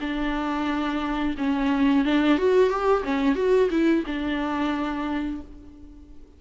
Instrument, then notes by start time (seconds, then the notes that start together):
viola
0.00 D4
1.37 C#4
2.04 D4
2.38 F#4
2.69 G4
3.03 C#4
3.35 F#4
3.70 E4
4.06 D4